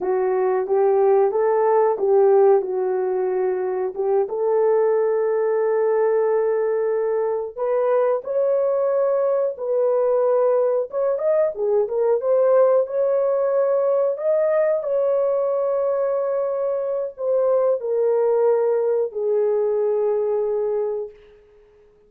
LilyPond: \new Staff \with { instrumentName = "horn" } { \time 4/4 \tempo 4 = 91 fis'4 g'4 a'4 g'4 | fis'2 g'8 a'4.~ | a'2.~ a'8 b'8~ | b'8 cis''2 b'4.~ |
b'8 cis''8 dis''8 gis'8 ais'8 c''4 cis''8~ | cis''4. dis''4 cis''4.~ | cis''2 c''4 ais'4~ | ais'4 gis'2. | }